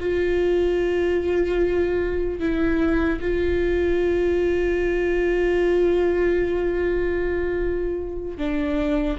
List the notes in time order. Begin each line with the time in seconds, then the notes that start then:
0.00 F4
2.40 E4
3.21 F4
8.38 D4